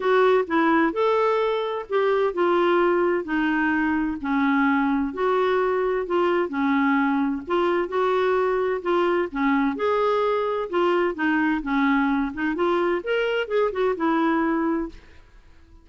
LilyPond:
\new Staff \with { instrumentName = "clarinet" } { \time 4/4 \tempo 4 = 129 fis'4 e'4 a'2 | g'4 f'2 dis'4~ | dis'4 cis'2 fis'4~ | fis'4 f'4 cis'2 |
f'4 fis'2 f'4 | cis'4 gis'2 f'4 | dis'4 cis'4. dis'8 f'4 | ais'4 gis'8 fis'8 e'2 | }